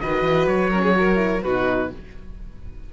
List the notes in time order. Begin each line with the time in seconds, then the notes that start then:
0.00 D#3 F#4 B4 D#5
0.23 E3
0.47 F#3 C#5
0.70 C#4 A#4
0.82 G#4
0.95 F#4 A#4
1.16 E4
1.43 B2 D#4 F#4 B4